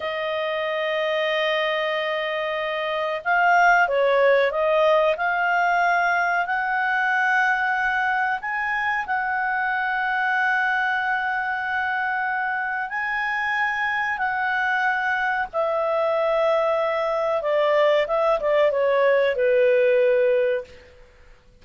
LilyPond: \new Staff \with { instrumentName = "clarinet" } { \time 4/4 \tempo 4 = 93 dis''1~ | dis''4 f''4 cis''4 dis''4 | f''2 fis''2~ | fis''4 gis''4 fis''2~ |
fis''1 | gis''2 fis''2 | e''2. d''4 | e''8 d''8 cis''4 b'2 | }